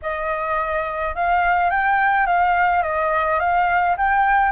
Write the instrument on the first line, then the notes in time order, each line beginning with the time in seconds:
flute
0.02 D#5
1.15 F5
1.70 G5
2.26 F5
2.83 D#5
3.39 F5
3.97 G5